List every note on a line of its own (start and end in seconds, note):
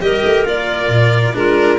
0.00 0.22 G3
0.00 0.45 G4
0.00 1.36 A#4
0.00 0.45 D#5
0.24 0.44 A3
0.44 0.88 A#3
0.44 1.33 F4
0.44 1.35 D5
0.88 1.33 A#2
1.33 1.78 G#3
1.33 1.77 D4
1.33 1.78 F4
1.33 1.78 A#4